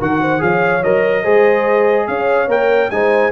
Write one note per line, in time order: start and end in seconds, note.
0.00 0.42 D#3
0.00 0.39 F#4
0.00 0.21 A#4
0.00 0.43 F#5
0.21 0.42 C5
0.39 0.84 F3
0.39 0.81 G#4
0.39 1.23 C#5
0.39 0.83 F5
0.83 1.26 F#3
0.83 1.24 A#4
0.83 2.08 D#5
1.23 2.08 G#3
1.23 2.48 G#4
1.23 2.06 C5
2.08 2.48 C#4
2.08 2.92 C#5
2.08 2.49 F5
2.48 2.90 A#3
2.48 2.90 A#4
2.48 2.91 G5
2.91 3.32 G#3
2.91 3.32 D#4
2.91 3.32 C5
2.91 3.32 G#5